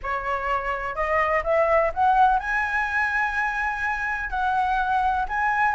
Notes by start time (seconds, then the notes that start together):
0.02 C#5
0.95 D#5
1.43 E5
1.94 F#5
2.39 G#5
4.30 F#5
5.28 G#5